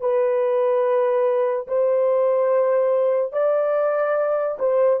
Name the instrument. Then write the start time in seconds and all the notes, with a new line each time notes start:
horn
0.00 B4
1.67 C5
3.32 D5
4.59 C5